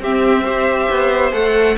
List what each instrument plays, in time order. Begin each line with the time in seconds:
0.00 cello C4, viola C4, violin G4 E5
0.44 viola G4, violin C5
0.90 cello B3
1.32 cello A3, viola A4, violin F#5